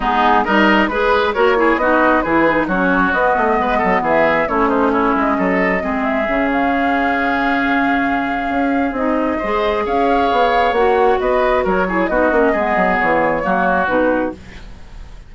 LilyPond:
<<
  \new Staff \with { instrumentName = "flute" } { \time 4/4 \tempo 4 = 134 gis'4 dis''4 b'4 cis''4 | dis''4 b'4 cis''4 dis''4~ | dis''4 e''4 cis''8 c''8 cis''8 dis''8~ | dis''4. e''4 f''4.~ |
f''1 | dis''2 f''2 | fis''4 dis''4 cis''4 dis''4~ | dis''4 cis''2 b'4 | }
  \new Staff \with { instrumentName = "oboe" } { \time 4/4 dis'4 ais'4 b'4 ais'8 gis'8 | fis'4 gis'4 fis'2 | b'8 a'8 gis'4 e'8 dis'8 e'4 | a'4 gis'2.~ |
gis'1~ | gis'4 c''4 cis''2~ | cis''4 b'4 ais'8 gis'8 fis'4 | gis'2 fis'2 | }
  \new Staff \with { instrumentName = "clarinet" } { \time 4/4 b4 dis'4 gis'4 fis'8 e'8 | dis'4 e'8 dis'8 cis'4 b4~ | b2 cis'2~ | cis'4 c'4 cis'2~ |
cis'1 | dis'4 gis'2. | fis'2~ fis'8 e'8 dis'8 cis'8 | b2 ais4 dis'4 | }
  \new Staff \with { instrumentName = "bassoon" } { \time 4/4 gis4 g4 gis4 ais4 | b4 e4 fis4 b8 a8 | gis8 fis8 e4 a4. gis8 | fis4 gis4 cis2~ |
cis2. cis'4 | c'4 gis4 cis'4 b4 | ais4 b4 fis4 b8 ais8 | gis8 fis8 e4 fis4 b,4 | }
>>